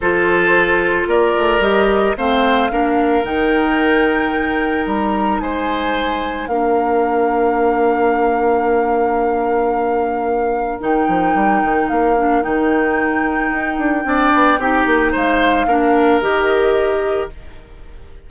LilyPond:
<<
  \new Staff \with { instrumentName = "flute" } { \time 4/4 \tempo 4 = 111 c''2 d''4 dis''4 | f''2 g''2~ | g''4 ais''4 gis''2 | f''1~ |
f''1 | g''2 f''4 g''4~ | g''1 | f''2 dis''2 | }
  \new Staff \with { instrumentName = "oboe" } { \time 4/4 a'2 ais'2 | c''4 ais'2.~ | ais'2 c''2 | ais'1~ |
ais'1~ | ais'1~ | ais'2 d''4 g'4 | c''4 ais'2. | }
  \new Staff \with { instrumentName = "clarinet" } { \time 4/4 f'2. g'4 | c'4 d'4 dis'2~ | dis'1 | d'1~ |
d'1 | dis'2~ dis'8 d'8 dis'4~ | dis'2 d'4 dis'4~ | dis'4 d'4 g'2 | }
  \new Staff \with { instrumentName = "bassoon" } { \time 4/4 f2 ais8 a8 g4 | a4 ais4 dis2~ | dis4 g4 gis2 | ais1~ |
ais1 | dis8 f8 g8 dis8 ais4 dis4~ | dis4 dis'8 d'8 c'8 b8 c'8 ais8 | gis4 ais4 dis2 | }
>>